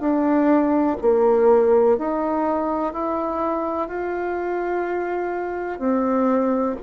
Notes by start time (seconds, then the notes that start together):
0.00 D4
1.01 A#3
1.98 D#4
2.93 E4
3.88 F4
5.78 C4